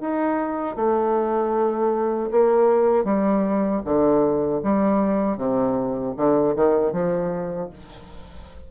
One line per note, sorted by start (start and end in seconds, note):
0.00 0.76 D#4
0.76 2.29 A3
2.31 3.04 A#3
3.04 3.81 G3
3.84 4.61 D3
4.63 5.37 G3
5.37 6.14 C3
6.16 6.55 D3
6.55 6.92 D#3
6.92 7.69 F3